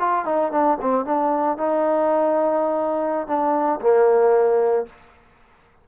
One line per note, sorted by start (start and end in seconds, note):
0.00 0.25 F4
0.25 0.52 D#4
0.52 0.78 D4
0.81 1.06 C4
1.06 1.58 D4
1.58 3.28 D#4
3.28 3.80 D4
3.81 4.86 A#3